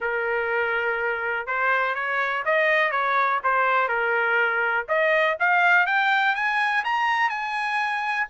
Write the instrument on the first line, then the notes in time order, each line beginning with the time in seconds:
trumpet
0.00 A#4
1.46 C5
1.94 C#5
2.45 D#5
2.91 C#5
3.43 C5
3.88 A#4
4.88 D#5
5.39 F5
5.86 G5
6.35 G#5
6.84 A#5
7.29 G#5